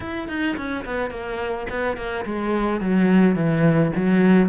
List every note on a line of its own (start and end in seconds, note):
0.00 0.28 E4
0.28 0.56 D#4
0.57 0.85 C#4
0.85 1.10 B3
1.10 1.66 A#3
1.69 1.97 B3
1.97 2.25 A#3
2.25 2.80 G#3
2.80 3.35 F#3
3.35 3.91 E3
3.95 4.48 F#3